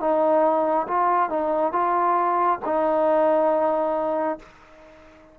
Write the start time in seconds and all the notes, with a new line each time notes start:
0.00 D#4
0.88 F4
1.30 D#4
1.72 F4
2.65 D#4